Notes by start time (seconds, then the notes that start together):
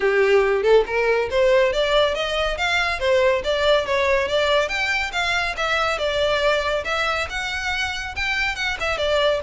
0.00 G4
0.62 A4
0.86 A#4
1.30 C5
1.72 D5
2.14 D#5
2.57 F5
2.99 C5
3.44 D5
3.86 C#5
4.28 D5
4.68 G5
5.12 F5
5.57 E5
5.98 D5
6.84 E5
7.29 F#5
8.15 G5
8.55 F#5
8.80 E5
8.97 D5